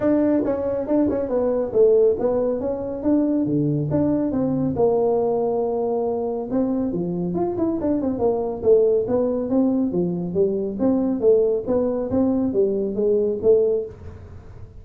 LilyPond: \new Staff \with { instrumentName = "tuba" } { \time 4/4 \tempo 4 = 139 d'4 cis'4 d'8 cis'8 b4 | a4 b4 cis'4 d'4 | d4 d'4 c'4 ais4~ | ais2. c'4 |
f4 f'8 e'8 d'8 c'8 ais4 | a4 b4 c'4 f4 | g4 c'4 a4 b4 | c'4 g4 gis4 a4 | }